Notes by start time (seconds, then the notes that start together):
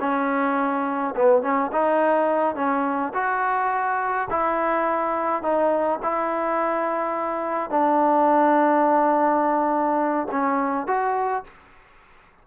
0.00 C#4
1.16 B3
1.42 C#4
1.72 D#4
2.55 C#4
3.14 F#4
4.30 E4
5.42 D#4
6.02 E4
7.70 D4
10.31 C#4
10.87 F#4